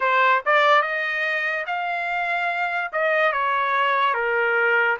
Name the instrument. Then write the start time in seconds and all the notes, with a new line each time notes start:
trumpet
0.00 C5
0.45 D5
0.81 D#5
1.66 F5
2.92 D#5
3.32 C#5
4.14 A#4